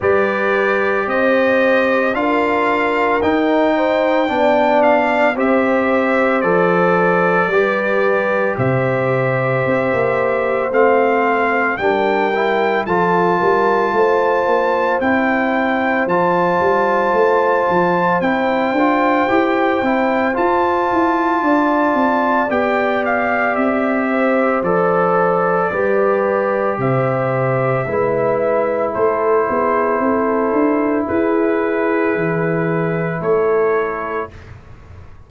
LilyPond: <<
  \new Staff \with { instrumentName = "trumpet" } { \time 4/4 \tempo 4 = 56 d''4 dis''4 f''4 g''4~ | g''8 f''8 e''4 d''2 | e''2 f''4 g''4 | a''2 g''4 a''4~ |
a''4 g''2 a''4~ | a''4 g''8 f''8 e''4 d''4~ | d''4 e''2 c''4~ | c''4 b'2 cis''4 | }
  \new Staff \with { instrumentName = "horn" } { \time 4/4 b'4 c''4 ais'4. c''8 | d''4 c''2 b'4 | c''2. ais'4 | a'8 ais'8 c''2.~ |
c''1 | d''2~ d''8 c''4. | b'4 c''4 b'4 a'8 gis'8 | a'4 gis'2 a'4 | }
  \new Staff \with { instrumentName = "trombone" } { \time 4/4 g'2 f'4 dis'4 | d'4 g'4 a'4 g'4~ | g'2 c'4 d'8 e'8 | f'2 e'4 f'4~ |
f'4 e'8 f'8 g'8 e'8 f'4~ | f'4 g'2 a'4 | g'2 e'2~ | e'1 | }
  \new Staff \with { instrumentName = "tuba" } { \time 4/4 g4 c'4 d'4 dis'4 | b4 c'4 f4 g4 | c4 c'16 ais8. a4 g4 | f8 g8 a8 ais8 c'4 f8 g8 |
a8 f8 c'8 d'8 e'8 c'8 f'8 e'8 | d'8 c'8 b4 c'4 f4 | g4 c4 gis4 a8 b8 | c'8 d'8 e'4 e4 a4 | }
>>